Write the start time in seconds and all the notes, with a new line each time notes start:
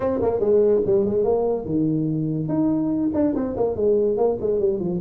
0.00 C4
0.21 A#3
0.40 G#3
0.86 G3
1.05 G#3
1.23 A#3
1.65 D#3
2.48 D#4
3.14 D4
3.35 C4
3.56 A#3
3.76 G#3
4.17 A#3
4.40 G#3
4.59 G3
4.79 F3